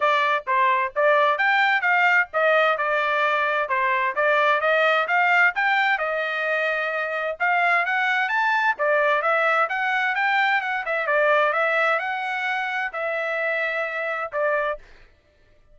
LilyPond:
\new Staff \with { instrumentName = "trumpet" } { \time 4/4 \tempo 4 = 130 d''4 c''4 d''4 g''4 | f''4 dis''4 d''2 | c''4 d''4 dis''4 f''4 | g''4 dis''2. |
f''4 fis''4 a''4 d''4 | e''4 fis''4 g''4 fis''8 e''8 | d''4 e''4 fis''2 | e''2. d''4 | }